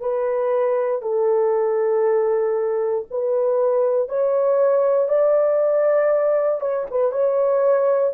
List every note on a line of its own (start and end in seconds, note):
0.00 1.02 B4
1.02 3.05 A4
3.11 4.08 B4
4.08 5.08 C#5
5.08 6.61 D5
6.61 6.86 C#5
6.90 7.11 B4
7.11 8.13 C#5